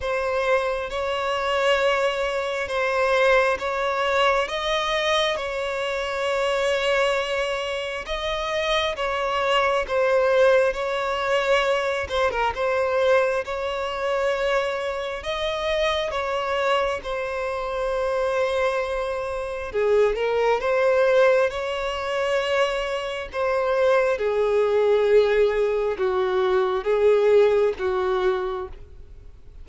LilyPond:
\new Staff \with { instrumentName = "violin" } { \time 4/4 \tempo 4 = 67 c''4 cis''2 c''4 | cis''4 dis''4 cis''2~ | cis''4 dis''4 cis''4 c''4 | cis''4. c''16 ais'16 c''4 cis''4~ |
cis''4 dis''4 cis''4 c''4~ | c''2 gis'8 ais'8 c''4 | cis''2 c''4 gis'4~ | gis'4 fis'4 gis'4 fis'4 | }